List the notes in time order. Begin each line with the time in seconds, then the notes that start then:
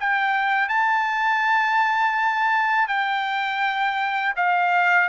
0.00 G5
0.69 A5
2.88 G5
4.36 F5